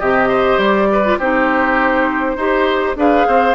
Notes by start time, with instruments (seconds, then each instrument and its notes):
0.00 bassoon C3, oboe G4, clarinet G4, flute D#5
0.29 oboe C5
0.58 bassoon G3, flute D5
0.92 oboe B4
1.05 clarinet F4
1.19 bassoon C4, clarinet D#4, oboe G4, flute C5
2.37 bassoon D#4, clarinet G4, oboe C5
2.96 bassoon D4, clarinet G#4, oboe B4, flute F5
3.28 bassoon C4, oboe C5